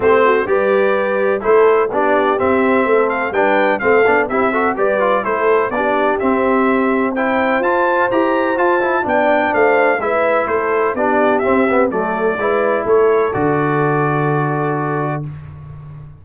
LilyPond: <<
  \new Staff \with { instrumentName = "trumpet" } { \time 4/4 \tempo 4 = 126 c''4 d''2 c''4 | d''4 e''4. f''8 g''4 | f''4 e''4 d''4 c''4 | d''4 e''2 g''4 |
a''4 ais''4 a''4 g''4 | f''4 e''4 c''4 d''4 | e''4 d''2 cis''4 | d''1 | }
  \new Staff \with { instrumentName = "horn" } { \time 4/4 g'8 fis'8 b'2 a'4 | g'2 a'4 b'4 | a'4 g'8 a'8 b'4 a'4 | g'2. c''4~ |
c''2. d''4 | c''4 b'4 a'4 g'4~ | g'4 a'4 b'4 a'4~ | a'1 | }
  \new Staff \with { instrumentName = "trombone" } { \time 4/4 c'4 g'2 e'4 | d'4 c'2 d'4 | c'8 d'8 e'8 fis'8 g'8 f'8 e'4 | d'4 c'2 e'4 |
f'4 g'4 f'8 e'8 d'4~ | d'4 e'2 d'4 | c'8 b8 a4 e'2 | fis'1 | }
  \new Staff \with { instrumentName = "tuba" } { \time 4/4 a4 g2 a4 | b4 c'4 a4 g4 | a8 b8 c'4 g4 a4 | b4 c'2. |
f'4 e'4 f'4 b4 | a4 gis4 a4 b4 | c'4 fis4 gis4 a4 | d1 | }
>>